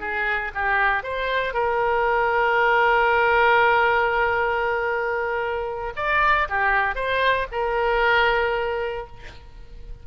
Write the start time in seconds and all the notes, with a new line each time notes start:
0.00 G#4
0.55 G4
1.03 C5
1.54 A#4
5.96 D5
6.49 G4
6.95 C5
7.52 A#4